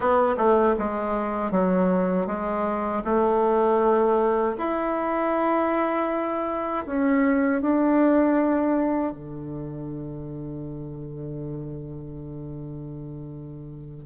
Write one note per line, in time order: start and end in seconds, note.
0.00 0.35 B3
0.37 0.75 A3
0.78 1.51 G#3
1.51 2.26 F#3
2.26 3.02 G#3
3.04 4.56 A3
4.57 6.85 E4
6.86 7.62 C#4
7.62 9.12 D4
9.12 14.05 D3